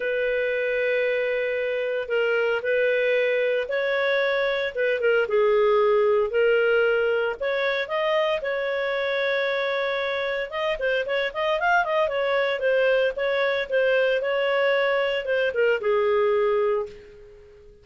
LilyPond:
\new Staff \with { instrumentName = "clarinet" } { \time 4/4 \tempo 4 = 114 b'1 | ais'4 b'2 cis''4~ | cis''4 b'8 ais'8 gis'2 | ais'2 cis''4 dis''4 |
cis''1 | dis''8 c''8 cis''8 dis''8 f''8 dis''8 cis''4 | c''4 cis''4 c''4 cis''4~ | cis''4 c''8 ais'8 gis'2 | }